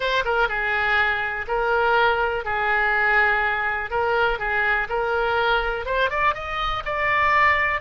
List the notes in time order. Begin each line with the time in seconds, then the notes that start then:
0.00 C5
0.24 A#4
0.48 G#4
1.47 A#4
2.44 G#4
3.90 A#4
4.39 G#4
4.89 A#4
5.85 C5
6.10 D5
6.34 D#5
6.85 D5